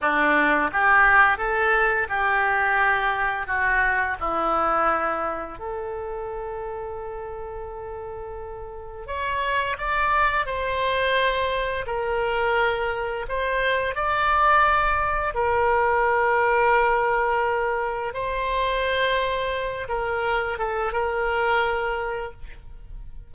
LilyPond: \new Staff \with { instrumentName = "oboe" } { \time 4/4 \tempo 4 = 86 d'4 g'4 a'4 g'4~ | g'4 fis'4 e'2 | a'1~ | a'4 cis''4 d''4 c''4~ |
c''4 ais'2 c''4 | d''2 ais'2~ | ais'2 c''2~ | c''8 ais'4 a'8 ais'2 | }